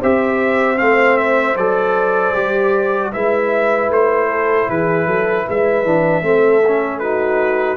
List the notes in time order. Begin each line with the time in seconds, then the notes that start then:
0.00 C4 G4 C5 E5
0.77 A3 C4 F5
1.17 E5
1.56 F#3 A4 D5
2.34 G3 G4
3.12 G#3 E4 B4 E5
3.89 A3 C5
4.29 A4
4.69 E3 G#4 B4
5.06 F#3 A4
5.46 G#3 B4 E5
5.84 E3 D4
6.22 A3 C4 A4
6.67 C#4
6.99 D#4 F#4 B4